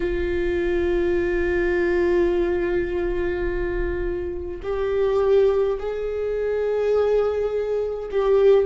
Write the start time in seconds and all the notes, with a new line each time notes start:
0.00 F4
4.63 G4
5.78 G#4
8.11 G4